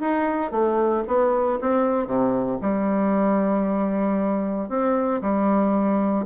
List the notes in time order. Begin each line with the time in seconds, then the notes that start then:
0.00 D#4
0.51 A3
1.07 B3
1.61 C4
2.07 C3
2.62 G3
4.69 C4
5.22 G3